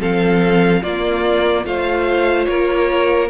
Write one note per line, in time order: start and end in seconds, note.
0.00 0.82 F3
0.00 0.82 C4
0.00 0.82 A4
0.00 0.83 F5
0.82 1.65 A#3
0.82 1.64 F4
0.82 1.65 D5
1.65 2.47 A3
1.65 3.29 F4
1.65 2.48 C5
1.65 2.45 F5
2.45 3.30 A#3
2.45 3.30 A#4
2.45 3.27 C#5